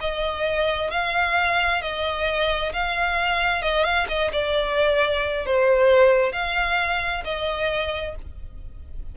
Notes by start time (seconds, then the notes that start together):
0.00 D#5
0.90 F5
1.81 D#5
2.73 F5
3.62 D#5
3.83 F5
4.08 D#5
4.32 D5
5.45 C5
6.32 F5
7.24 D#5